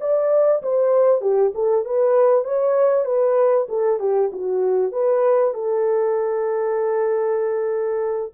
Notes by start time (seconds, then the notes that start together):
0.00 D5
0.62 C5
1.21 G4
1.54 A4
1.85 B4
2.44 C#5
3.05 B4
3.69 A4
4.00 G4
4.32 F#4
4.92 B4
5.54 A4